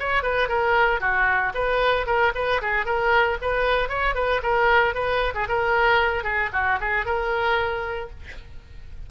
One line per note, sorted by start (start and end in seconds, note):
0.00 0.23 C#5
0.23 0.49 B4
0.49 1.01 A#4
1.01 1.53 F#4
1.55 2.07 B4
2.07 2.33 A#4
2.35 2.61 B4
2.62 2.86 G#4
2.86 3.38 A#4
3.42 3.89 B4
3.89 4.15 C#5
4.15 4.41 B4
4.43 4.95 A#4
4.95 5.34 B4
5.35 5.48 G#4
5.49 6.24 A#4
6.24 6.50 G#4
6.53 6.79 F#4
6.81 7.06 G#4
7.06 8.10 A#4